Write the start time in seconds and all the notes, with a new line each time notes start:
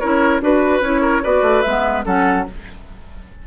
0.00 C#4 E4 A#4 C#5
0.41 D4 F#4 B4
0.81 C#4 E4 C#5
1.02 A#4
1.23 B3 F#4 B4 D5
1.42 A3
1.62 G#3 B3 E5
2.05 F#3 C#4 A4 F#5